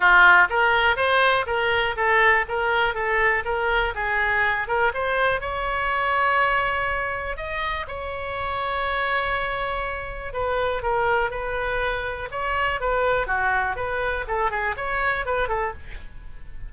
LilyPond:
\new Staff \with { instrumentName = "oboe" } { \time 4/4 \tempo 4 = 122 f'4 ais'4 c''4 ais'4 | a'4 ais'4 a'4 ais'4 | gis'4. ais'8 c''4 cis''4~ | cis''2. dis''4 |
cis''1~ | cis''4 b'4 ais'4 b'4~ | b'4 cis''4 b'4 fis'4 | b'4 a'8 gis'8 cis''4 b'8 a'8 | }